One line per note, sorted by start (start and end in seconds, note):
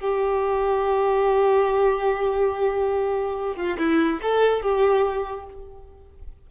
0.00 3.56 G4
3.56 3.77 F4
3.78 4.20 E4
4.22 4.62 A4
4.62 5.46 G4